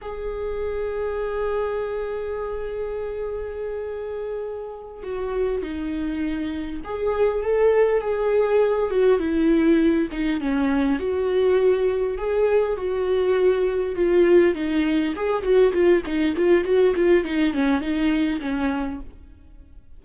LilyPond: \new Staff \with { instrumentName = "viola" } { \time 4/4 \tempo 4 = 101 gis'1~ | gis'1~ | gis'8 fis'4 dis'2 gis'8~ | gis'8 a'4 gis'4. fis'8 e'8~ |
e'4 dis'8 cis'4 fis'4.~ | fis'8 gis'4 fis'2 f'8~ | f'8 dis'4 gis'8 fis'8 f'8 dis'8 f'8 | fis'8 f'8 dis'8 cis'8 dis'4 cis'4 | }